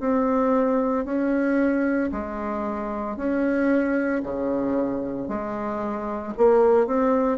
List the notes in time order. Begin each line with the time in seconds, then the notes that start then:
0.00 C4
1.05 C#4
2.12 G#3
3.17 C#4
4.23 C#3
5.28 G#3
6.38 A#3
6.87 C4